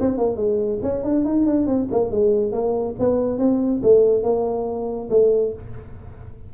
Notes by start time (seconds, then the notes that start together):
0.00 C4
0.18 A#3
0.37 G#3
0.83 C#4
1.04 D4
1.25 D#4
1.46 D4
1.67 C4
1.91 A#3
2.11 G#3
2.52 A#3
3.00 B3
3.39 C4
3.83 A3
4.23 A#3
5.10 A3